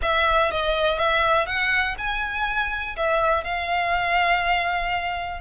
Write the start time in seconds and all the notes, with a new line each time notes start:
0.02 E5
0.51 D#5
0.98 E5
1.46 F#5
1.97 G#5
2.96 E5
3.44 F5